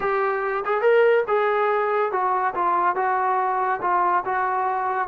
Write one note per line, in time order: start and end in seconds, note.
0.00 0.63 G4
0.65 0.81 G#4
0.81 1.23 A#4
1.27 2.11 G#4
2.11 2.54 F#4
2.54 2.95 F4
2.95 3.80 F#4
3.81 4.23 F4
4.25 5.08 F#4